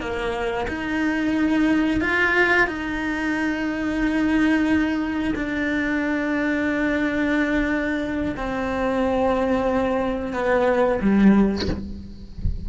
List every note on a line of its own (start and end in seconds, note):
0.00 0.67 A#3
0.68 2.01 D#4
2.01 2.67 F4
2.67 5.34 D#4
5.35 8.35 D4
8.36 10.33 C4
10.33 11.00 B3
11.01 11.68 G3